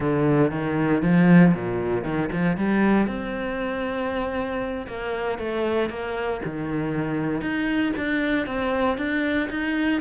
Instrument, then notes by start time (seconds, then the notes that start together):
cello
0.00 D3
0.51 D#3
1.02 F3
1.54 A#2
2.04 D#3
2.32 F3
2.57 G3
3.07 C4
4.87 A#3
5.38 A3
5.89 A#3
6.45 D#3
7.41 D#4
7.97 D4
8.46 C4
8.97 D4
9.50 D#4